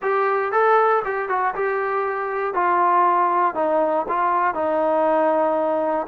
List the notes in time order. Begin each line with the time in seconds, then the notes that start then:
0.02 G4
0.52 A4
1.04 G4
1.28 F#4
1.54 G4
2.54 F4
3.55 D#4
4.08 F4
4.54 D#4